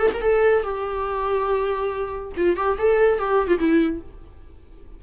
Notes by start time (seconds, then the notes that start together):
0.00 A4
0.14 A#4
0.21 A4
0.64 G4
2.37 F4
2.57 G4
2.79 A4
3.19 G4
3.48 F4
3.59 E4